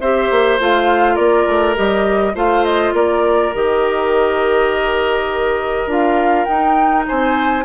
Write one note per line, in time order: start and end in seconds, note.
0.00 0.29 C4
0.00 0.59 G4
0.00 1.14 C5
0.00 0.59 E5
0.31 0.59 A#3
0.59 1.18 A3
0.59 1.75 F4
0.59 1.16 F5
1.14 1.47 A#3
1.14 2.32 A#4
1.14 1.74 D5
1.47 1.76 A3
1.75 2.35 G3
1.75 2.34 G4
1.75 2.35 D#5
2.34 2.93 A3
2.34 3.52 F4
2.34 2.94 C5
2.34 2.64 F5
2.64 2.93 D#5
2.93 3.52 A#3
2.93 7.06 A#4
2.93 3.54 D5
3.54 5.86 D#3
3.54 5.88 G4
3.54 5.90 D#5
5.86 6.45 D4
5.86 6.47 F4
5.86 6.45 F5
6.45 7.64 D#4
6.45 7.07 D#4
6.45 7.03 G5
7.08 7.64 C4
7.08 7.64 C5
7.08 7.64 G#5